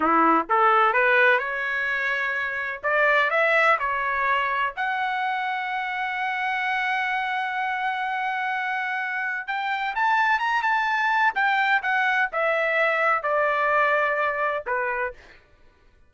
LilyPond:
\new Staff \with { instrumentName = "trumpet" } { \time 4/4 \tempo 4 = 127 e'4 a'4 b'4 cis''4~ | cis''2 d''4 e''4 | cis''2 fis''2~ | fis''1~ |
fis''1 | g''4 a''4 ais''8 a''4. | g''4 fis''4 e''2 | d''2. b'4 | }